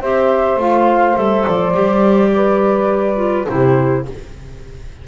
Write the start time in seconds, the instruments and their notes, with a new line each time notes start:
0.00 double bass C4, clarinet G4, saxophone C5, flute E5
0.56 double bass A3, clarinet F4, flute F5
1.14 double bass G3, clarinet A4, flute E5
1.46 double bass F3, flute D5
1.73 double bass G3, clarinet G4
2.35 saxophone B4
3.16 clarinet F4
3.46 double bass C3, clarinet E4, saxophone G4, flute C5